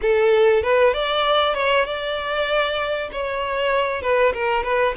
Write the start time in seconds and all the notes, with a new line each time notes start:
0.01 A4
0.62 B4
0.93 D5
1.54 C#5
1.85 D5
3.12 C#5
4.01 B4
4.33 A#4
4.63 B4